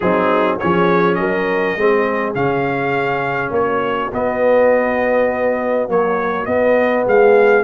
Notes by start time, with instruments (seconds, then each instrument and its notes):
0.00 tuba F#3, trombone C4, horn D#4, trumpet G#4
0.59 tuba F3, trombone C#4, horn G#4, trumpet C#5
1.14 tuba F#3, horn A#4, trumpet D#5
1.76 tuba G#3, trombone C4, horn G#4
2.34 tuba C#3, trombone C#4, trumpet F5
3.50 tuba A#3, horn F#4, trumpet C#5
4.12 trombone B3, tuba B3, trumpet D#5
5.87 trombone F#3, tuba A#3, trumpet C#5
6.45 trombone B3, tuba B3, trumpet D#5
7.06 tuba G#3, horn G#4, trumpet F5